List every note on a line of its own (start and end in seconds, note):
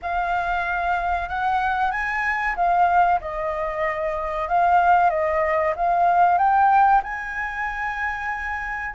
0.02 1.29 F5
1.29 1.91 F#5
1.91 2.55 G#5
2.56 3.19 F5
3.20 4.48 D#5
4.48 5.09 F5
5.09 5.73 D#5
5.76 6.37 F5
6.37 7.01 G5
7.03 8.94 G#5